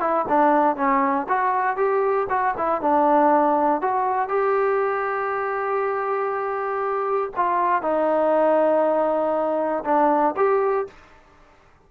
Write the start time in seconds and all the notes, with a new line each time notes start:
0.00 E4
0.28 D4
0.76 C#4
1.28 F#4
1.76 G4
2.29 F#4
2.57 E4
2.81 D4
3.81 F#4
4.28 G4
7.36 F4
7.82 D#4
9.84 D4
10.36 G4